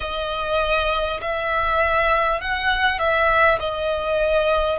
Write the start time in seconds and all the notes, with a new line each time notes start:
0.00 D#5
1.21 E5
2.40 F#5
2.98 E5
3.59 D#5